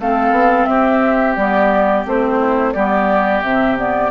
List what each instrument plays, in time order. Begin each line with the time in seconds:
0.00 bassoon A3, clarinet C4, oboe A4, flute F5
0.31 bassoon B3
0.66 bassoon C4, oboe G4, flute E5
1.36 bassoon G3, clarinet B3, flute D5
2.06 bassoon A3, clarinet C4, flute C5
2.39 oboe E4
2.73 bassoon G3, clarinet B3, oboe G4, flute D5
3.42 bassoon C3, clarinet C4, flute E5
3.77 clarinet B3, flute D5